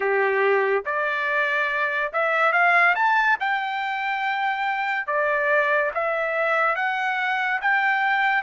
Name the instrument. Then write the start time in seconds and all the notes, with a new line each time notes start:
trumpet
0.00 G4
0.85 D5
2.12 E5
2.52 F5
2.95 A5
3.40 G5
5.06 D5
5.94 E5
6.75 F#5
7.61 G5